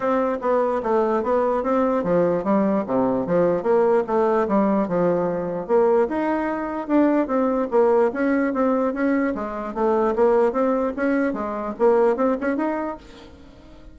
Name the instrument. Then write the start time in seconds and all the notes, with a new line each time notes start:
bassoon
0.00 C4
0.41 B3
0.82 A3
1.23 B3
1.63 C4
2.03 F3
2.44 G3
2.86 C3
3.26 F3
3.62 A#3
4.07 A3
4.47 G3
4.88 F3
5.67 A#3
6.08 D#4
6.87 D4
7.27 C4
7.70 A#3
8.13 C#4
8.53 C4
8.93 C#4
9.34 G#3
9.74 A3
10.15 A#3
10.52 C4
10.96 C#4
11.33 G#3
11.78 A#3
12.16 C4
12.40 C#4
12.56 D#4